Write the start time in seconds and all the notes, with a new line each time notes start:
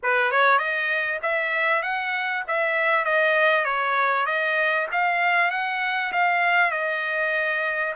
0.03 B4
0.31 C#5
0.58 D#5
1.22 E5
1.82 F#5
2.47 E5
3.04 D#5
3.64 C#5
4.26 D#5
4.91 F5
5.50 F#5
6.12 F5
6.71 D#5